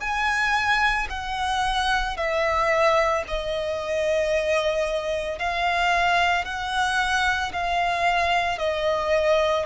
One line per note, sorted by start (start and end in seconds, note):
0.00 1.07 G#5
1.09 2.16 F#5
2.16 3.23 E5
3.28 5.39 D#5
5.39 6.45 F5
6.45 7.52 F#5
7.52 8.59 F5
8.59 9.65 D#5